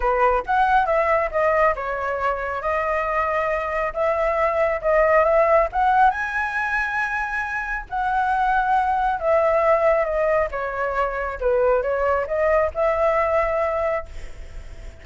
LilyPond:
\new Staff \with { instrumentName = "flute" } { \time 4/4 \tempo 4 = 137 b'4 fis''4 e''4 dis''4 | cis''2 dis''2~ | dis''4 e''2 dis''4 | e''4 fis''4 gis''2~ |
gis''2 fis''2~ | fis''4 e''2 dis''4 | cis''2 b'4 cis''4 | dis''4 e''2. | }